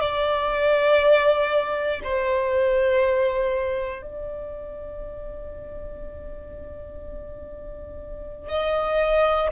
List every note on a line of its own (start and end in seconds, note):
0.00 2.00 D5
2.03 4.02 C5
4.02 8.48 D5
8.48 9.48 D#5